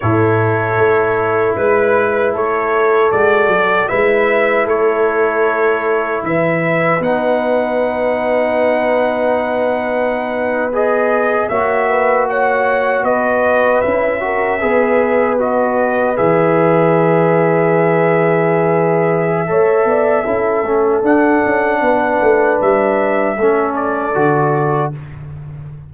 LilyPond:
<<
  \new Staff \with { instrumentName = "trumpet" } { \time 4/4 \tempo 4 = 77 cis''2 b'4 cis''4 | d''4 e''4 cis''2 | e''4 fis''2.~ | fis''4.~ fis''16 dis''4 e''4 fis''16~ |
fis''8. dis''4 e''2 dis''16~ | dis''8. e''2.~ e''16~ | e''2. fis''4~ | fis''4 e''4. d''4. | }
  \new Staff \with { instrumentName = "horn" } { \time 4/4 a'2 b'4 a'4~ | a'4 b'4 a'2 | b'1~ | b'2~ b'8. cis''8 b'8 cis''16~ |
cis''8. b'4. ais'8 b'4~ b'16~ | b'1~ | b'4 cis''8 d''8 a'2 | b'2 a'2 | }
  \new Staff \with { instrumentName = "trombone" } { \time 4/4 e'1 | fis'4 e'2.~ | e'4 dis'2.~ | dis'4.~ dis'16 gis'4 fis'4~ fis'16~ |
fis'4.~ fis'16 e'8 fis'8 gis'4 fis'16~ | fis'8. gis'2.~ gis'16~ | gis'4 a'4 e'8 cis'8 d'4~ | d'2 cis'4 fis'4 | }
  \new Staff \with { instrumentName = "tuba" } { \time 4/4 a,4 a4 gis4 a4 | gis8 fis8 gis4 a2 | e4 b2.~ | b2~ b8. ais4~ ais16~ |
ais8. b4 cis'4 b4~ b16~ | b8. e2.~ e16~ | e4 a8 b8 cis'8 a8 d'8 cis'8 | b8 a8 g4 a4 d4 | }
>>